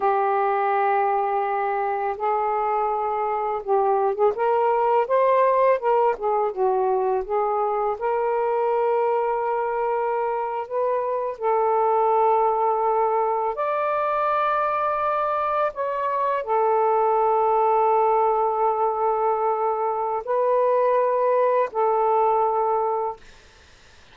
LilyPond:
\new Staff \with { instrumentName = "saxophone" } { \time 4/4 \tempo 4 = 83 g'2. gis'4~ | gis'4 g'8. gis'16 ais'4 c''4 | ais'8 gis'8 fis'4 gis'4 ais'4~ | ais'2~ ais'8. b'4 a'16~ |
a'2~ a'8. d''4~ d''16~ | d''4.~ d''16 cis''4 a'4~ a'16~ | a'1 | b'2 a'2 | }